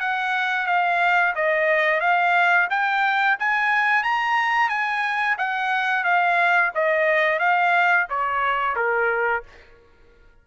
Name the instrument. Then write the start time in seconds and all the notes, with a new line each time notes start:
trumpet
0.00 F#5
0.67 F5
1.35 D#5
2.00 F5
2.70 G5
3.40 G#5
4.03 A#5
4.69 G#5
5.38 F#5
6.04 F5
6.75 D#5
7.39 F5
8.10 C#5
8.76 A#4